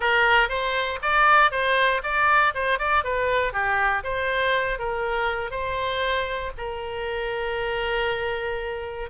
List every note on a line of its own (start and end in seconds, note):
0.00 0.48 A#4
0.48 0.99 C5
1.02 1.51 D5
1.51 2.01 C5
2.03 2.53 D5
2.54 2.78 C5
2.78 3.03 D5
3.03 3.52 B4
3.52 4.03 G4
4.03 4.79 C5
4.79 5.50 A#4
5.50 6.51 C5
6.57 9.09 A#4